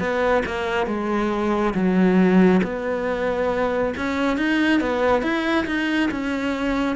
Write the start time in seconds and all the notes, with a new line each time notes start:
0.00 B3
0.46 A#3
0.87 G#3
1.75 F#3
2.64 B3
3.97 C#4
4.38 D#4
4.81 B3
5.23 E4
5.67 D#4
6.11 C#4